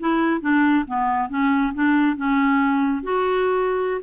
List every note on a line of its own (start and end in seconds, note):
0.00 0.41 E4
0.41 0.85 D4
0.87 1.29 B3
1.29 1.73 C#4
1.75 2.17 D4
2.17 3.03 C#4
3.03 4.02 F#4